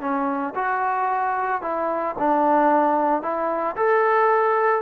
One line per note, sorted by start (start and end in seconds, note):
0.00 0.54 C#4
0.55 1.61 F#4
1.61 2.15 E4
2.18 3.22 D4
3.22 3.76 E4
3.76 4.82 A4